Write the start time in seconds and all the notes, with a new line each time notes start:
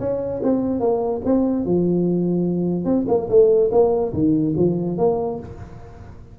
0.00 C#4
0.43 C4
0.81 A#3
1.25 C4
1.66 F3
2.85 C4
3.08 A#3
3.30 A3
3.72 A#3
4.14 D#3
4.57 F3
4.98 A#3